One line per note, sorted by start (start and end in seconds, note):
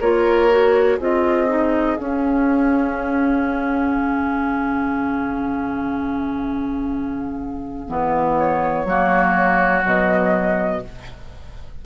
0.00 0.99 A#3
0.00 0.50 F4
0.00 0.97 A#4
0.00 0.99 C#5
0.50 0.99 F#4
0.97 1.98 C4
0.97 1.48 F4
0.97 8.83 G#4
0.97 1.97 D#5
1.48 1.97 D#4
1.97 3.96 C#4
1.97 7.88 C#4
1.97 8.36 F5
3.96 7.89 C#3
7.88 8.85 E3
7.88 8.86 B3
8.38 9.86 C#5
8.85 9.83 F#3
8.85 9.82 A#3
8.85 10.85 F#4
9.82 10.82 B2
9.82 10.80 F#3
9.82 10.85 D#5